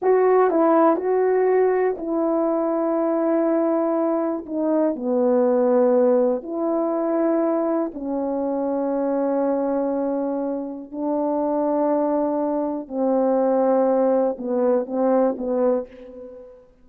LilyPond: \new Staff \with { instrumentName = "horn" } { \time 4/4 \tempo 4 = 121 fis'4 e'4 fis'2 | e'1~ | e'4 dis'4 b2~ | b4 e'2. |
cis'1~ | cis'2 d'2~ | d'2 c'2~ | c'4 b4 c'4 b4 | }